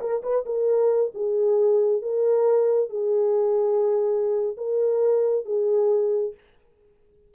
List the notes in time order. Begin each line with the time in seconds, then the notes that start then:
0.00 A#4
0.22 B4
0.45 A#4
1.14 G#4
2.02 A#4
2.89 G#4
4.57 A#4
5.45 G#4